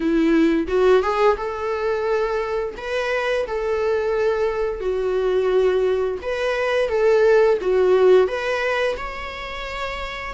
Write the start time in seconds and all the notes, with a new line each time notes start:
0.00 E4
0.67 F#4
1.02 G#4
1.37 A4
2.77 B4
3.47 A4
4.80 F#4
6.22 B4
6.88 A4
7.61 F#4
8.27 B4
8.97 C#5